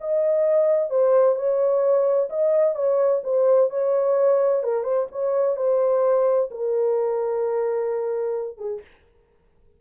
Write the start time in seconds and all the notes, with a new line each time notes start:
0.00 D#5
0.90 C5
1.35 C#5
2.29 D#5
2.75 C#5
3.23 C5
3.70 C#5
4.63 A#4
4.83 C5
5.11 C#5
5.56 C5
6.51 A#4
8.57 G#4